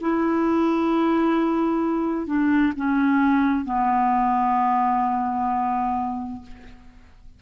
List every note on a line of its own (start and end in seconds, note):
0.00 2.26 E4
2.26 2.72 D4
2.76 3.65 C#4
3.65 6.42 B3